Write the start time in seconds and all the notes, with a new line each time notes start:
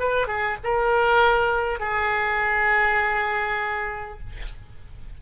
0.00 B4
0.27 G#4
0.63 A#4
1.80 G#4